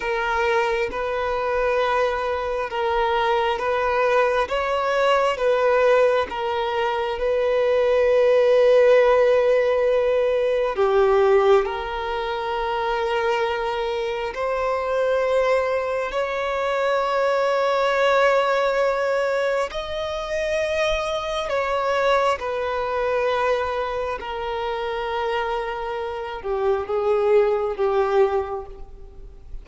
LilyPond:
\new Staff \with { instrumentName = "violin" } { \time 4/4 \tempo 4 = 67 ais'4 b'2 ais'4 | b'4 cis''4 b'4 ais'4 | b'1 | g'4 ais'2. |
c''2 cis''2~ | cis''2 dis''2 | cis''4 b'2 ais'4~ | ais'4. g'8 gis'4 g'4 | }